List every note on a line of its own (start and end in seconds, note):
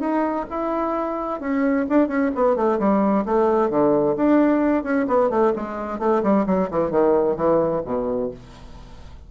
0.00 0.46 D#4
0.50 1.41 E4
1.41 1.86 C#4
1.89 2.08 D4
2.08 2.31 C#4
2.35 2.56 B3
2.56 2.79 A3
2.79 3.25 G3
3.26 3.70 A3
3.70 4.16 D3
4.17 4.84 D4
4.84 5.07 C#4
5.08 5.30 B3
5.30 5.53 A3
5.56 6.00 G#3
6.00 6.22 A3
6.23 6.46 G3
6.47 6.70 F#3
6.71 6.91 E3
6.91 7.36 D#3
7.36 7.82 E3
7.85 8.31 B2